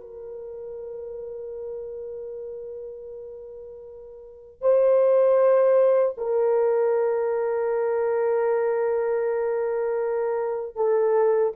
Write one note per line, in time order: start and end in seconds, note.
0.00 4.61 A#4
4.61 6.15 C5
6.17 10.76 A#4
10.76 11.52 A4